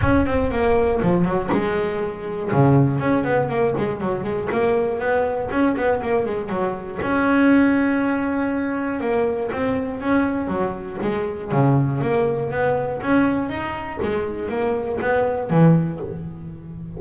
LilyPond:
\new Staff \with { instrumentName = "double bass" } { \time 4/4 \tempo 4 = 120 cis'8 c'8 ais4 f8 fis8 gis4~ | gis4 cis4 cis'8 b8 ais8 gis8 | fis8 gis8 ais4 b4 cis'8 b8 | ais8 gis8 fis4 cis'2~ |
cis'2 ais4 c'4 | cis'4 fis4 gis4 cis4 | ais4 b4 cis'4 dis'4 | gis4 ais4 b4 e4 | }